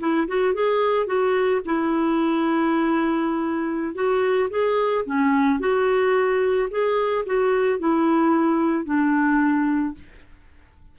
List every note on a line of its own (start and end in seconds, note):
0.00 0.27 E4
0.28 0.54 F#4
0.54 1.07 G#4
1.07 1.61 F#4
1.65 3.95 E4
3.95 4.49 F#4
4.50 5.05 G#4
5.06 5.60 C#4
5.60 6.69 F#4
6.70 7.25 G#4
7.26 7.79 F#4
7.79 8.85 E4
8.85 9.94 D4